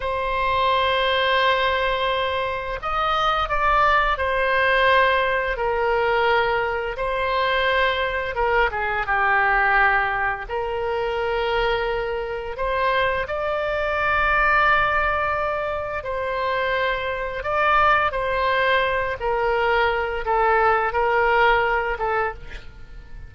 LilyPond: \new Staff \with { instrumentName = "oboe" } { \time 4/4 \tempo 4 = 86 c''1 | dis''4 d''4 c''2 | ais'2 c''2 | ais'8 gis'8 g'2 ais'4~ |
ais'2 c''4 d''4~ | d''2. c''4~ | c''4 d''4 c''4. ais'8~ | ais'4 a'4 ais'4. a'8 | }